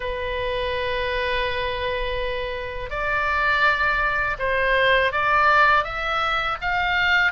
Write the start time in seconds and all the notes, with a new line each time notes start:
0.00 B4
2.90 D5
4.39 C5
5.12 D5
5.84 E5
6.61 F5